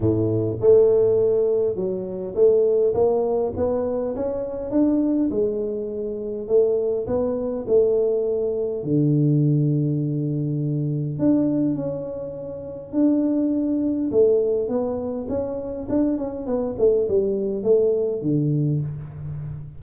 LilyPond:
\new Staff \with { instrumentName = "tuba" } { \time 4/4 \tempo 4 = 102 a,4 a2 fis4 | a4 ais4 b4 cis'4 | d'4 gis2 a4 | b4 a2 d4~ |
d2. d'4 | cis'2 d'2 | a4 b4 cis'4 d'8 cis'8 | b8 a8 g4 a4 d4 | }